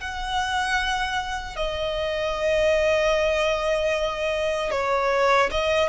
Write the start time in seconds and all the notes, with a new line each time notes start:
0.00 F#5
1.56 D#5
4.71 C#5
5.51 D#5